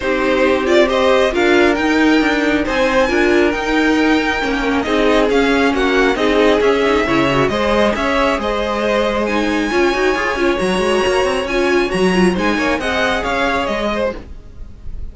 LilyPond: <<
  \new Staff \with { instrumentName = "violin" } { \time 4/4 \tempo 4 = 136 c''4. d''8 dis''4 f''4 | g''2 gis''2 | g''2. dis''4 | f''4 fis''4 dis''4 e''4~ |
e''4 dis''4 e''4 dis''4~ | dis''4 gis''2. | ais''2 gis''4 ais''4 | gis''4 fis''4 f''4 dis''4 | }
  \new Staff \with { instrumentName = "violin" } { \time 4/4 g'2 c''4 ais'4~ | ais'2 c''4 ais'4~ | ais'2. gis'4~ | gis'4 fis'4 gis'2 |
cis''4 c''4 cis''4 c''4~ | c''2 cis''2~ | cis''1 | c''8 cis''8 dis''4 cis''4. c''8 | }
  \new Staff \with { instrumentName = "viola" } { \time 4/4 dis'4. f'8 g'4 f'4 | dis'2. f'4 | dis'2 cis'4 dis'4 | cis'2 dis'4 cis'8 dis'8 |
e'8 fis'8 gis'2.~ | gis'4 dis'4 f'8 fis'8 gis'8 f'8 | fis'2 f'4 fis'8 f'8 | dis'4 gis'2. | }
  \new Staff \with { instrumentName = "cello" } { \time 4/4 c'2. d'4 | dis'4 d'4 c'4 d'4 | dis'2 ais4 c'4 | cis'4 ais4 c'4 cis'4 |
cis4 gis4 cis'4 gis4~ | gis2 cis'8 dis'8 f'8 cis'8 | fis8 gis8 ais8 c'8 cis'4 fis4 | gis8 ais8 c'4 cis'4 gis4 | }
>>